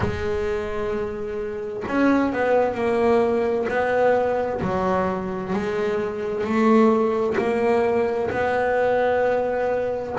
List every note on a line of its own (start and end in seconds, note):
0.00 1.83 G#3
1.87 2.32 C#4
2.32 2.74 B3
2.74 3.66 A#3
3.68 4.61 B3
4.61 5.53 F#3
5.53 6.44 G#3
6.44 7.36 A3
7.37 8.30 A#3
8.30 10.15 B3